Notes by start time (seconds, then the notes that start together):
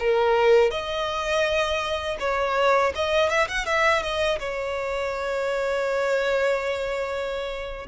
0.00 A#4
0.71 D#5
2.20 C#5
2.96 D#5
3.30 E5
3.48 F#5
3.66 E5
4.03 D#5
4.40 C#5